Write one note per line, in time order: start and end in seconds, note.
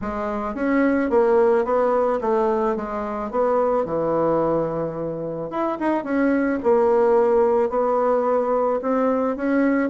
0.01 0.55 G#3
0.55 1.10 C#4
1.10 1.64 A#3
1.64 2.19 B3
2.21 2.75 A3
2.75 3.31 G#3
3.31 3.85 B3
3.85 5.50 E3
5.50 5.78 E4
5.79 6.04 D#4
6.04 6.59 C#4
6.63 7.69 A#3
7.69 8.79 B3
8.81 9.36 C4
9.36 9.89 C#4